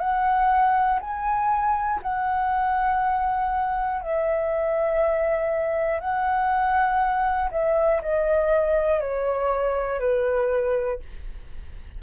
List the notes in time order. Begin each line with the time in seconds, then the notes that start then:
0.00 F#5
1.01 G#5
2.03 F#5
4.02 E5
6.01 F#5
7.51 E5
8.02 D#5
9.01 C#5
10.00 B4